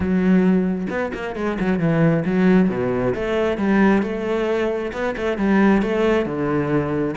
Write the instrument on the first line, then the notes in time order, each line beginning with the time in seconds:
cello
0.00 F#3
0.89 B3
1.14 A#3
1.35 G#3
1.59 F#3
1.79 E3
2.25 F#3
2.69 B2
3.14 A3
3.57 G3
4.02 A3
4.93 B3
5.16 A3
5.37 G3
5.81 A3
6.25 D3